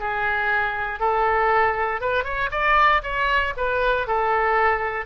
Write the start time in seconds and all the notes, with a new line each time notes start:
0.00 G#4
1.00 A4
2.01 B4
2.24 C#5
2.52 D5
3.03 C#5
3.57 B4
4.07 A4